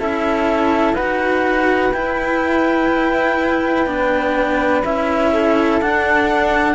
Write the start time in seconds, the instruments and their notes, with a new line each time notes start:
0.00 cello C#4 E4, flute A4, clarinet E5
0.93 cello D#4 F#4, flute B4, clarinet F#5
1.92 cello E4, clarinet G5
3.86 cello B3 D4
4.84 cello C#4 E4, clarinet E5
5.33 flute A4
5.81 cello D4, clarinet F#5